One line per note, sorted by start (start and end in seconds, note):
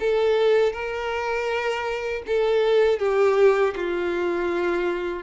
0.00 0.73 A4
0.73 2.23 A#4
2.27 2.99 A4
2.99 3.74 G4
3.76 5.23 F4